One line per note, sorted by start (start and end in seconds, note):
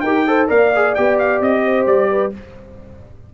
0.00 0.48 D#4
0.00 0.26 A#4
0.00 0.46 G5
0.06 0.27 G4
0.27 0.48 A4
0.27 0.48 C5
0.48 0.96 A#3
0.48 0.71 A#4
0.48 1.62 D5
0.48 0.94 F5
0.75 0.96 G#4
0.94 1.40 B3
0.94 2.33 G4
0.94 1.17 G5
1.18 1.41 F5
1.40 1.86 C4
1.40 1.86 D#5
1.64 2.10 C5
1.86 2.32 G3
1.86 2.32 D5
2.10 2.33 B4